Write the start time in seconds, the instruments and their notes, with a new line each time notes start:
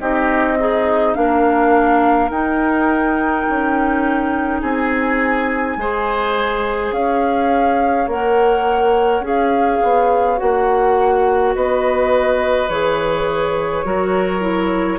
0.00 bassoon C4, clarinet D#4, oboe G4, flute D#5
0.59 oboe D#4, clarinet G#4
1.14 bassoon A#3, clarinet D4, oboe A#4, flute F5
2.30 bassoon D#4, clarinet D#4, flute G5
3.49 bassoon C#4
4.61 bassoon C4, oboe G#4, flute G#5
5.77 bassoon G#3, clarinet G#4, oboe C5
6.91 bassoon C#4, oboe C#5, flute F5
8.07 bassoon A#3, clarinet A#4, flute F#5
9.20 bassoon C#4, clarinet G#4
9.27 flute F5
9.82 bassoon B3
10.37 bassoon A#3, clarinet F#4, flute F#5
11.55 bassoon B3, oboe B4, flute D#5
12.69 bassoon E3, clarinet G#4, flute C#5
13.84 bassoon F#3, clarinet F#4, oboe A#4
14.41 clarinet E4